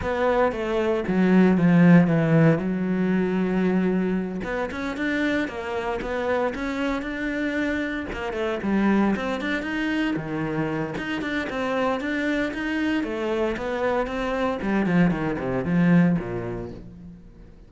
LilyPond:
\new Staff \with { instrumentName = "cello" } { \time 4/4 \tempo 4 = 115 b4 a4 fis4 f4 | e4 fis2.~ | fis8 b8 cis'8 d'4 ais4 b8~ | b8 cis'4 d'2 ais8 |
a8 g4 c'8 d'8 dis'4 dis8~ | dis4 dis'8 d'8 c'4 d'4 | dis'4 a4 b4 c'4 | g8 f8 dis8 c8 f4 ais,4 | }